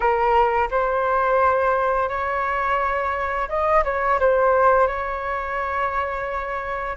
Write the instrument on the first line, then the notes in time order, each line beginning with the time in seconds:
flute
0.00 A#4
0.70 C5
2.08 C#5
3.49 D#5
3.84 C#5
4.19 C5
4.87 C#5